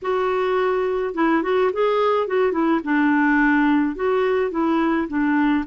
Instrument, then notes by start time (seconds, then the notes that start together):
clarinet
0.02 F#4
1.14 E4
1.43 F#4
1.72 G#4
2.27 F#4
2.52 E4
2.84 D4
3.95 F#4
4.51 E4
5.08 D4